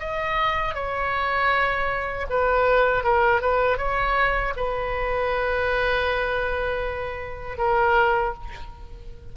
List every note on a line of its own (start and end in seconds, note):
0.00 0.75 D#5
0.75 2.27 C#5
2.30 3.04 B4
3.04 3.41 A#4
3.41 3.78 B4
3.78 4.54 C#5
4.57 7.58 B4
7.58 8.34 A#4